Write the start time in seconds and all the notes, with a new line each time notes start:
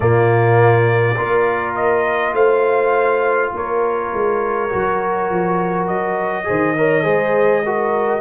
0.00 A#2 A#3 F4 D5
1.15 A#3 F4 A#4
1.75 D#5
2.33 A3 C5 F5
3.53 A#3 A#4 C#5
4.13 G#3
4.69 F#3 F#4
5.29 F3
5.87 F#3 D#5
6.44 D#3 G#4 C5
6.77 A#4 C#5
7.03 G#3 G#4 C5
7.64 F#4 A#4